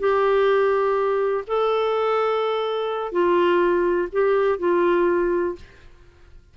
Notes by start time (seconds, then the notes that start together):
0.00 G4
1.48 A4
3.12 F4
4.13 G4
4.59 F4